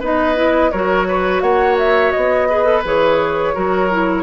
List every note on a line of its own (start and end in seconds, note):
0.00 0.71 B3
0.00 0.35 D#4
0.00 0.71 B4
0.00 0.71 D#5
0.35 0.70 E4
0.71 1.41 F#3
0.71 2.50 F#4
0.71 1.07 A#4
0.71 1.41 C#5
1.08 1.42 B4
1.41 2.12 A#3
1.41 2.48 C#5
1.41 1.76 F#5
1.78 2.12 E5
2.12 2.84 B3
2.12 2.82 D#5
2.49 2.64 G#4
2.49 3.54 B4
2.64 2.82 A4
2.84 3.55 E3
2.84 3.54 G#4
2.84 4.23 C#5
3.54 4.23 F#3
3.54 3.89 F#4
3.54 4.23 A#4
3.91 4.23 E4